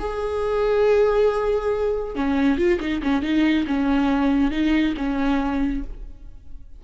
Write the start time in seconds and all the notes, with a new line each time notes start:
0.00 G#4
2.16 C#4
2.58 F4
2.81 D#4
3.03 C#4
3.23 D#4
3.67 C#4
4.51 D#4
4.98 C#4